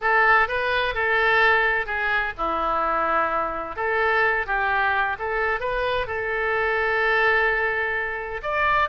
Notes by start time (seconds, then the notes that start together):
0.01 A4
0.48 B4
0.94 A4
1.86 G#4
2.37 E4
3.76 A4
4.46 G4
5.18 A4
5.60 B4
6.07 A4
8.42 D5